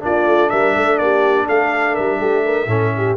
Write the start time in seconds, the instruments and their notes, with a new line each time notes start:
0.00 tuba A#3, trombone D4, horn F4, trumpet D5
0.25 tuba A3
0.49 tuba G3, horn A#4, trumpet E5
0.74 tuba A3, horn A4
0.98 tuba A#3, horn G4, trumpet D5
1.46 tuba A3, horn A4, trumpet F5
1.93 tuba G3, horn A#4, trumpet E5
2.19 tuba A3, horn G4
2.45 horn A#4
2.66 tuba A2, trombone C#4, horn A4
2.96 horn G4